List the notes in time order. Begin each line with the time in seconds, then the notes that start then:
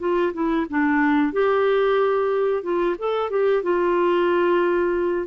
0.00 F4
0.34 E4
0.70 D4
1.33 G4
2.63 F4
2.99 A4
3.31 G4
3.64 F4